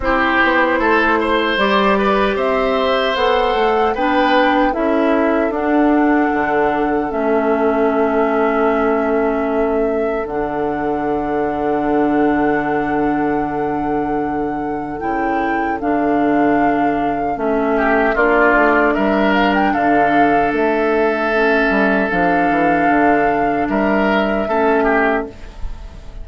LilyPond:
<<
  \new Staff \with { instrumentName = "flute" } { \time 4/4 \tempo 4 = 76 c''2 d''4 e''4 | fis''4 g''4 e''4 fis''4~ | fis''4 e''2.~ | e''4 fis''2.~ |
fis''2. g''4 | f''2 e''4 d''4 | e''8 f''16 g''16 f''4 e''2 | f''2 e''2 | }
  \new Staff \with { instrumentName = "oboe" } { \time 4/4 g'4 a'8 c''4 b'8 c''4~ | c''4 b'4 a'2~ | a'1~ | a'1~ |
a'1~ | a'2~ a'8 g'8 f'4 | ais'4 a'2.~ | a'2 ais'4 a'8 g'8 | }
  \new Staff \with { instrumentName = "clarinet" } { \time 4/4 e'2 g'2 | a'4 d'4 e'4 d'4~ | d'4 cis'2.~ | cis'4 d'2.~ |
d'2. e'4 | d'2 cis'4 d'4~ | d'2. cis'4 | d'2. cis'4 | }
  \new Staff \with { instrumentName = "bassoon" } { \time 4/4 c'8 b8 a4 g4 c'4 | b8 a8 b4 cis'4 d'4 | d4 a2.~ | a4 d2.~ |
d2. cis4 | d2 a4 ais8 a8 | g4 d4 a4. g8 | f8 e8 d4 g4 a4 | }
>>